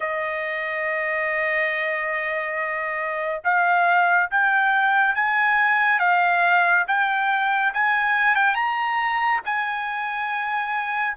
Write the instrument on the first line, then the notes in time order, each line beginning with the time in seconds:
trumpet
0.00 D#5
3.44 F5
4.31 G5
5.15 G#5
5.99 F5
6.87 G5
7.73 G#5
8.35 G5
8.54 A#5
9.45 G#5